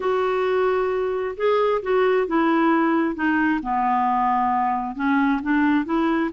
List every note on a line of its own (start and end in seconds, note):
0.00 1.35 F#4
1.36 1.81 G#4
1.82 2.27 F#4
2.27 3.15 E4
3.15 3.60 D#4
3.62 4.95 B3
4.95 5.40 C#4
5.42 5.85 D4
5.85 6.30 E4